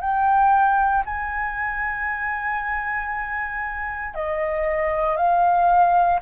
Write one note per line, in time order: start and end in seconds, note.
0.00 1.03 G5
1.05 4.14 G#5
4.14 5.16 D#5
5.16 6.20 F5